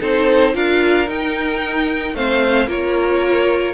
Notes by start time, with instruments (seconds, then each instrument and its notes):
0.00 cello C4, viola D#4, violin A4 C5
0.53 cello D4, viola F4, violin A#4 F5
1.07 viola D#4, cello D#4, violin G5
2.14 cello A3, viola C4, violin C5 F5
2.67 cello A#3, viola F4, violin A#4 C#5